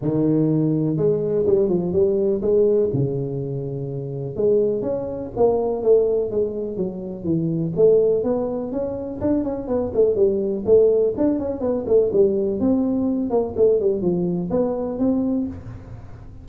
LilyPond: \new Staff \with { instrumentName = "tuba" } { \time 4/4 \tempo 4 = 124 dis2 gis4 g8 f8 | g4 gis4 cis2~ | cis4 gis4 cis'4 ais4 | a4 gis4 fis4 e4 |
a4 b4 cis'4 d'8 cis'8 | b8 a8 g4 a4 d'8 cis'8 | b8 a8 g4 c'4. ais8 | a8 g8 f4 b4 c'4 | }